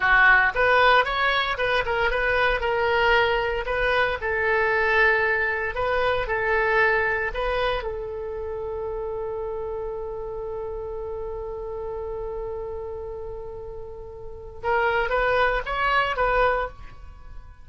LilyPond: \new Staff \with { instrumentName = "oboe" } { \time 4/4 \tempo 4 = 115 fis'4 b'4 cis''4 b'8 ais'8 | b'4 ais'2 b'4 | a'2. b'4 | a'2 b'4 a'4~ |
a'1~ | a'1~ | a'1 | ais'4 b'4 cis''4 b'4 | }